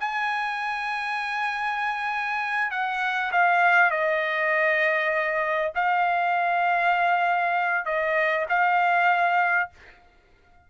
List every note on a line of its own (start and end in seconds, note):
0.00 2.71 G#5
2.71 3.32 F#5
3.32 3.91 F5
3.91 5.73 D#5
5.75 7.86 F5
7.86 8.46 D#5
8.49 9.71 F5